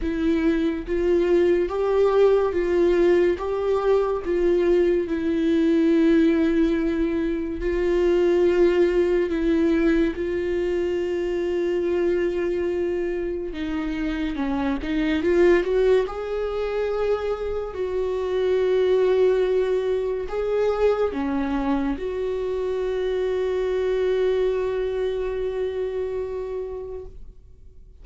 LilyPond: \new Staff \with { instrumentName = "viola" } { \time 4/4 \tempo 4 = 71 e'4 f'4 g'4 f'4 | g'4 f'4 e'2~ | e'4 f'2 e'4 | f'1 |
dis'4 cis'8 dis'8 f'8 fis'8 gis'4~ | gis'4 fis'2. | gis'4 cis'4 fis'2~ | fis'1 | }